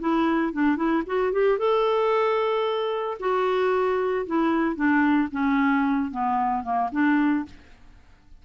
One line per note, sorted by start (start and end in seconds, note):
0.00 0.53 E4
0.53 0.76 D4
0.76 1.03 E4
1.06 1.33 F#4
1.33 1.58 G4
1.58 3.18 A4
3.20 4.26 F#4
4.26 4.75 E4
4.75 5.29 D4
5.32 6.11 C#4
6.11 6.63 B3
6.63 6.90 A#3
6.92 7.45 D4